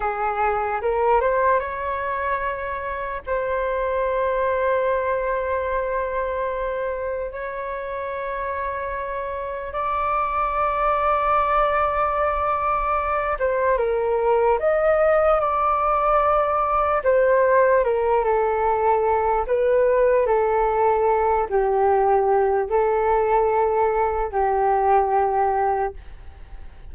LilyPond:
\new Staff \with { instrumentName = "flute" } { \time 4/4 \tempo 4 = 74 gis'4 ais'8 c''8 cis''2 | c''1~ | c''4 cis''2. | d''1~ |
d''8 c''8 ais'4 dis''4 d''4~ | d''4 c''4 ais'8 a'4. | b'4 a'4. g'4. | a'2 g'2 | }